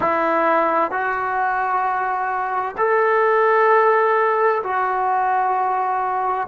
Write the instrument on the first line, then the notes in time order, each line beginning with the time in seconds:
trombone
0.00 E4
0.91 F#4
2.77 A4
4.63 F#4